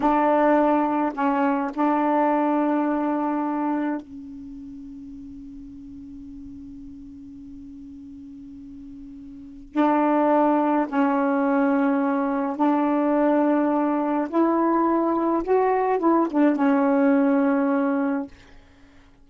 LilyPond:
\new Staff \with { instrumentName = "saxophone" } { \time 4/4 \tempo 4 = 105 d'2 cis'4 d'4~ | d'2. cis'4~ | cis'1~ | cis'1~ |
cis'4 d'2 cis'4~ | cis'2 d'2~ | d'4 e'2 fis'4 | e'8 d'8 cis'2. | }